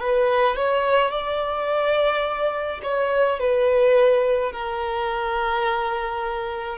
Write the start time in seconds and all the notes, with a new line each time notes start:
0.00 B4
0.56 C#5
1.11 D5
2.84 C#5
3.40 B4
4.52 A#4